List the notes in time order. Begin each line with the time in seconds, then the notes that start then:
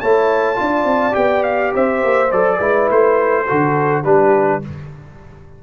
0.00 A3 E4 C#5 A5
0.56 D4 F4 D5
0.84 C4
1.12 B3 G4 G5
1.43 F5
1.75 C4 C5 E5
2.04 A#3
2.32 F#3 A4 D5
2.57 G#3 E4 B4
2.90 A3 C5
3.47 D3 F#4 A4
4.03 G3 D4 G4 B4